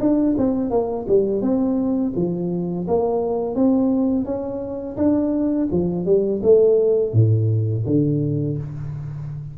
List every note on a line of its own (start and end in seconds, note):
0.00 0.36 D4
0.37 0.70 C4
0.70 1.06 A#3
1.08 1.41 G3
1.41 2.13 C4
2.15 2.87 F3
2.87 3.55 A#3
3.55 4.25 C4
4.25 4.96 C#4
4.97 5.68 D4
5.71 6.06 F3
6.06 6.41 G3
6.43 7.13 A3
7.13 7.84 A2
7.86 8.57 D3